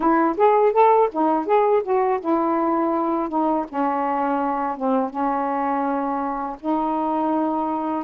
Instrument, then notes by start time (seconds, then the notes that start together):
saxophone
0.00 E4
0.37 G#4
0.73 A4
1.12 D#4
1.46 G#4
1.83 F#4
2.20 E4
3.29 D#4
3.68 C#4
4.76 C4
5.10 C#4
6.60 D#4